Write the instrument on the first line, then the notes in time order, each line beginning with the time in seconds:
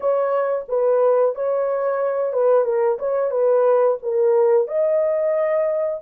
horn
0.00 C#5
0.68 B4
1.35 C#5
2.32 B4
2.64 A#4
2.98 C#5
3.30 B4
4.02 A#4
4.67 D#5